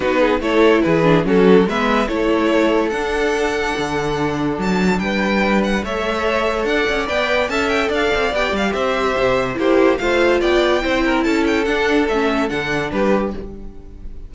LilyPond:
<<
  \new Staff \with { instrumentName = "violin" } { \time 4/4 \tempo 4 = 144 b'4 cis''4 b'4 a'4 | e''4 cis''2 fis''4~ | fis''2. a''4 | g''4. fis''8 e''2 |
fis''4 g''4 a''8 g''8 f''4 | g''8 f''8 e''2 c''4 | f''4 g''2 a''8 g''8 | fis''4 e''4 fis''4 b'4 | }
  \new Staff \with { instrumentName = "violin" } { \time 4/4 fis'8 gis'8 a'4 gis'4 fis'4 | b'4 a'2.~ | a'1 | b'2 cis''2 |
d''2 e''4 d''4~ | d''4 c''2 g'4 | c''4 d''4 c''8 ais'8 a'4~ | a'2. g'4 | }
  \new Staff \with { instrumentName = "viola" } { \time 4/4 dis'4 e'4. d'8 cis'4 | b4 e'2 d'4~ | d'1~ | d'2 a'2~ |
a'4 b'4 a'2 | g'2. e'4 | f'2 e'2 | d'4 cis'4 d'2 | }
  \new Staff \with { instrumentName = "cello" } { \time 4/4 b4 a4 e4 fis4 | gis4 a2 d'4~ | d'4 d2 fis4 | g2 a2 |
d'8 cis'8 b4 cis'4 d'8 c'8 | b8 g8 c'4 c4 ais4 | a4 b4 c'4 cis'4 | d'4 a4 d4 g4 | }
>>